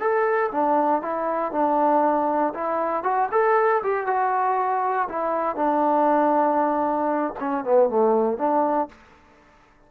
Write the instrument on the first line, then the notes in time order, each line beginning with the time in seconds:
trombone
0.00 A4
0.51 D4
1.02 E4
1.52 D4
2.54 E4
3.03 F#4
3.31 A4
3.83 G4
4.07 F#4
5.09 E4
5.56 D4
7.40 C#4
7.64 B3
7.89 A3
8.38 D4